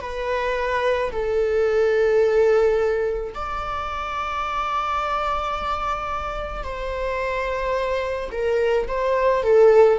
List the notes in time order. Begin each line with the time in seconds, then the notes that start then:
0.00 B4
1.12 A4
3.34 D5
6.64 C5
8.32 A#4
8.87 C5
9.43 A4